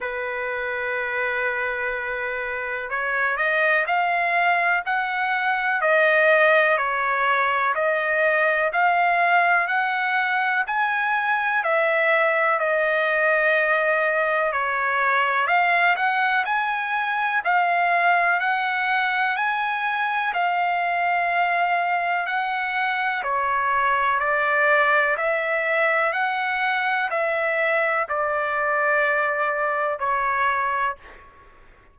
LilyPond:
\new Staff \with { instrumentName = "trumpet" } { \time 4/4 \tempo 4 = 62 b'2. cis''8 dis''8 | f''4 fis''4 dis''4 cis''4 | dis''4 f''4 fis''4 gis''4 | e''4 dis''2 cis''4 |
f''8 fis''8 gis''4 f''4 fis''4 | gis''4 f''2 fis''4 | cis''4 d''4 e''4 fis''4 | e''4 d''2 cis''4 | }